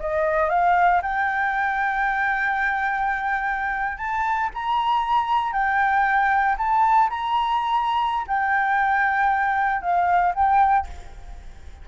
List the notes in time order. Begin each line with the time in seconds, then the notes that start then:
0.00 D#5
0.50 F5
1.02 G5
3.98 A5
4.54 A#5
5.53 G5
6.58 A5
7.10 A#5
8.27 G5
9.82 F5
10.35 G5